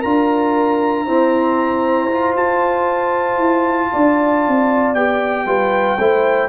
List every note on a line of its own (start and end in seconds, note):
0.00 1.07 D4
0.00 1.07 F4
0.00 1.03 A#4
0.00 2.35 A#5
1.06 2.11 C4
1.06 2.36 E4
1.06 3.90 C5
2.12 4.96 F4
2.36 3.38 F4
2.36 4.95 A5
3.38 3.90 E4
3.93 4.48 D4
3.93 5.47 D5
4.48 4.94 C4
4.94 5.46 B3
4.94 5.47 G4
4.94 6.49 G5
5.46 5.98 G3
5.46 5.98 F4
5.46 5.98 B4
5.98 6.49 A3
5.98 6.49 E4
5.98 6.49 C5